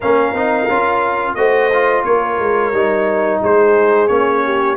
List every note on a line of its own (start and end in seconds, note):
0.00 0.32 A#3
0.00 0.35 C#4
0.00 1.35 A#4
0.00 1.34 F5
0.32 0.66 C4
0.32 0.69 D#4
0.69 1.35 C#4
0.69 1.37 F4
1.34 2.03 A3
1.34 1.71 F#4
1.34 2.05 C5
1.34 2.03 D#5
1.73 2.73 F4
2.04 2.39 A#3
2.04 3.42 A#4
2.04 3.40 C#5
2.39 2.72 G#3
2.72 3.40 G3
2.72 4.08 D#4
3.42 4.09 G#3
3.42 4.44 G#4
3.42 4.07 C5
4.07 4.76 A#3
4.07 4.76 C#4
4.07 4.76 C#5
4.44 4.76 G4